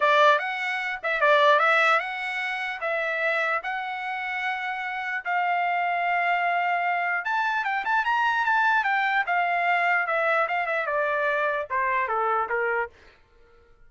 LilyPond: \new Staff \with { instrumentName = "trumpet" } { \time 4/4 \tempo 4 = 149 d''4 fis''4. e''8 d''4 | e''4 fis''2 e''4~ | e''4 fis''2.~ | fis''4 f''2.~ |
f''2 a''4 g''8 a''8 | ais''4 a''4 g''4 f''4~ | f''4 e''4 f''8 e''8 d''4~ | d''4 c''4 a'4 ais'4 | }